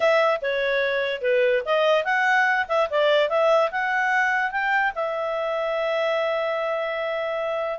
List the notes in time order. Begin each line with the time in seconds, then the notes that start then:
0.00 E5
0.41 C#5
1.21 B4
1.65 D#5
2.04 F#5
2.68 E5
2.90 D5
3.29 E5
3.71 F#5
4.51 G5
4.95 E5